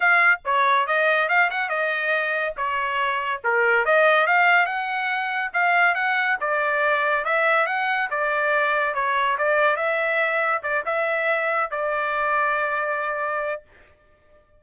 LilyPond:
\new Staff \with { instrumentName = "trumpet" } { \time 4/4 \tempo 4 = 141 f''4 cis''4 dis''4 f''8 fis''8 | dis''2 cis''2 | ais'4 dis''4 f''4 fis''4~ | fis''4 f''4 fis''4 d''4~ |
d''4 e''4 fis''4 d''4~ | d''4 cis''4 d''4 e''4~ | e''4 d''8 e''2 d''8~ | d''1 | }